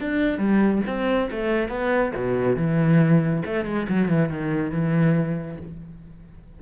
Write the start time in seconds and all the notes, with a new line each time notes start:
0.00 D4
0.38 G3
0.86 C4
1.31 A3
1.69 B3
2.15 B2
2.56 E3
3.46 A3
3.65 G#3
3.88 F#3
4.08 E3
4.29 D#3
4.71 E3